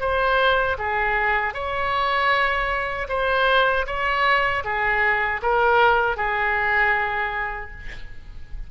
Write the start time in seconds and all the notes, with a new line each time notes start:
0.00 C5
0.78 G#4
1.53 C#5
3.08 C5
3.86 C#5
4.64 G#4
5.42 A#4
6.16 G#4